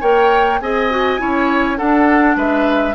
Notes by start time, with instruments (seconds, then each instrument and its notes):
0.00 bassoon A#3, clarinet A#4, oboe C#5, flute G5
0.60 bassoon C4, clarinet G#4, oboe D#5, flute G#5
0.90 clarinet F#4
1.18 bassoon C#4, clarinet E4, oboe C#5
1.76 clarinet D4, bassoon D4, oboe A4, flute F#5
2.35 bassoon G#3, oboe B4, flute E5